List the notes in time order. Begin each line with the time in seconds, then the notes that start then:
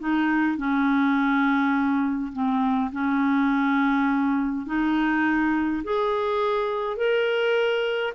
0.00 D#4
0.58 C#4
2.33 C4
2.92 C#4
4.66 D#4
5.84 G#4
6.97 A#4